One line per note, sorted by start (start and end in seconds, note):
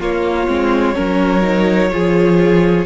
0.00 0.48 A#3
0.00 0.95 F4
0.00 2.86 C#5
0.48 0.96 G#3
0.48 0.94 C4
0.94 1.92 F#3
0.94 1.42 C#4
0.94 1.91 A#4
1.42 1.89 D#4
1.91 2.86 F3
1.91 2.86 F4
1.91 2.86 G#4